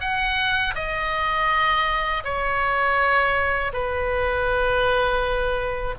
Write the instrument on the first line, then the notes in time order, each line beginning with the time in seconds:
oboe
0.00 F#5
0.75 D#5
2.24 C#5
3.73 B4